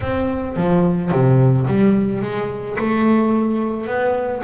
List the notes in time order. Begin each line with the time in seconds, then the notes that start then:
0.01 C4
0.56 F3
1.11 C3
1.67 G3
2.21 G#3
2.79 A3
3.87 B3